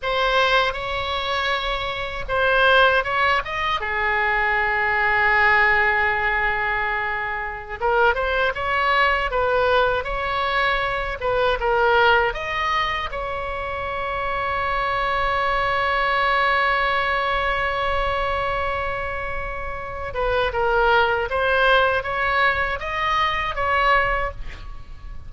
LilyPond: \new Staff \with { instrumentName = "oboe" } { \time 4/4 \tempo 4 = 79 c''4 cis''2 c''4 | cis''8 dis''8 gis'2.~ | gis'2~ gis'16 ais'8 c''8 cis''8.~ | cis''16 b'4 cis''4. b'8 ais'8.~ |
ais'16 dis''4 cis''2~ cis''8.~ | cis''1~ | cis''2~ cis''8 b'8 ais'4 | c''4 cis''4 dis''4 cis''4 | }